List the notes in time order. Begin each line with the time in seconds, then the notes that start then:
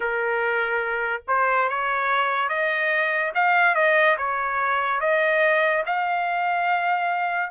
0.00 A#4
1.27 C5
1.69 C#5
2.48 D#5
3.34 F5
3.75 D#5
4.17 C#5
5.00 D#5
5.86 F5